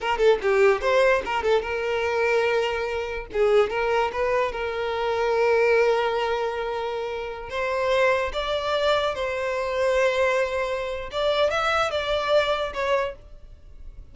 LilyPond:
\new Staff \with { instrumentName = "violin" } { \time 4/4 \tempo 4 = 146 ais'8 a'8 g'4 c''4 ais'8 a'8 | ais'1 | gis'4 ais'4 b'4 ais'4~ | ais'1~ |
ais'2~ ais'16 c''4.~ c''16~ | c''16 d''2 c''4.~ c''16~ | c''2. d''4 | e''4 d''2 cis''4 | }